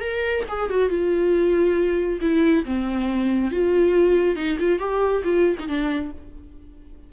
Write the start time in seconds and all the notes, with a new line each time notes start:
0.00 A#4
0.48 G#4
0.70 F#4
0.89 F4
2.21 E4
2.65 C4
3.51 F4
4.36 D#4
4.59 F4
4.79 G4
5.24 F4
5.59 D#4
5.68 D4